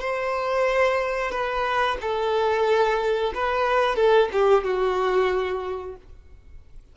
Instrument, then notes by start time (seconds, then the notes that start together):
violin
0.00 C5
1.31 B4
2.01 A4
3.34 B4
3.96 A4
4.32 G4
4.64 F#4